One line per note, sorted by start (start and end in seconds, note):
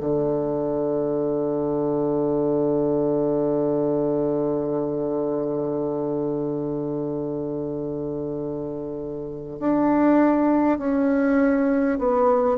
0.00 9.59 D3
9.59 10.78 D4
10.78 11.98 C#4
11.98 12.58 B3